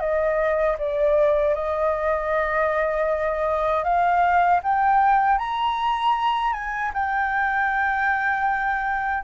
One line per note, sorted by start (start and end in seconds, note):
0.00 0.77 D#5
0.78 1.55 D5
1.55 3.84 D#5
3.84 4.60 F5
4.63 5.38 G5
5.38 6.53 A#5
6.53 6.91 G#5
6.94 9.23 G5